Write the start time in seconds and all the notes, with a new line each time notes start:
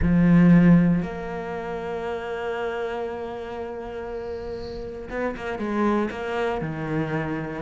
0.02 F3
1.02 A#3
5.10 B3
5.36 A#3
5.58 G#3
6.10 A#3
6.61 D#3